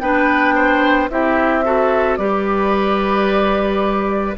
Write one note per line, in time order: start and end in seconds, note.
0.00 1.10 B3
0.00 1.10 D4
0.00 0.55 B4
0.00 1.09 G5
0.55 1.10 C5
1.10 2.18 C4
1.10 1.65 E4
1.10 1.65 G4
1.10 2.17 E5
1.65 2.19 F#4
1.65 2.19 A4
2.17 4.36 G3
2.17 4.37 G4
2.17 4.37 B4
2.17 4.35 D5